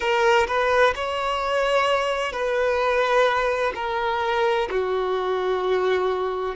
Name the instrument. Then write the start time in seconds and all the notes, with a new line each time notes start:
violin
0.00 A#4
0.47 B4
0.95 C#5
2.32 B4
3.75 A#4
4.70 F#4